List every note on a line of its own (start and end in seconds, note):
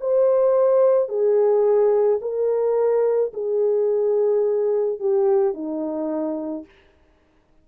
0.00 1.08 C5
1.08 2.19 G#4
2.21 3.32 A#4
3.33 4.99 G#4
4.99 5.54 G4
5.54 6.65 D#4